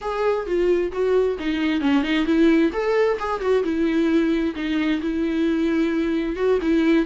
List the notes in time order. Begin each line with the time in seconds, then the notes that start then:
0.01 G#4
0.46 F4
0.92 F#4
1.39 D#4
1.81 C#4
2.02 D#4
2.25 E4
2.72 A4
3.19 G#4
3.40 F#4
3.63 E4
4.55 D#4
5.01 E4
6.36 F#4
6.61 E4